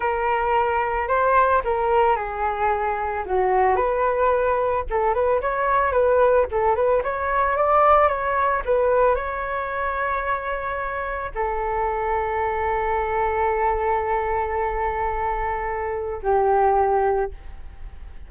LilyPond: \new Staff \with { instrumentName = "flute" } { \time 4/4 \tempo 4 = 111 ais'2 c''4 ais'4 | gis'2 fis'4 b'4~ | b'4 a'8 b'8 cis''4 b'4 | a'8 b'8 cis''4 d''4 cis''4 |
b'4 cis''2.~ | cis''4 a'2.~ | a'1~ | a'2 g'2 | }